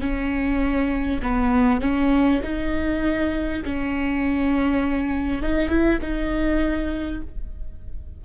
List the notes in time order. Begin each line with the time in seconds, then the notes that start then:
0.00 C#4
1.22 B3
1.81 C#4
2.43 D#4
3.64 C#4
5.42 D#4
5.68 E4
6.01 D#4